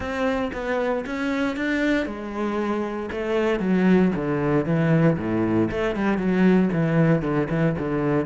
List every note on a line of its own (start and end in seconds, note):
0.00 0.51 C4
0.53 1.04 B3
1.06 1.56 C#4
1.56 2.05 D4
2.05 3.09 G#3
3.11 3.59 A3
3.59 4.11 F#3
4.15 4.65 D3
4.65 5.17 E3
5.17 5.69 A2
5.70 5.95 A3
5.95 6.17 G3
6.17 6.69 F#3
6.72 7.22 E3
7.22 7.47 D3
7.49 7.75 E3
7.78 8.25 D3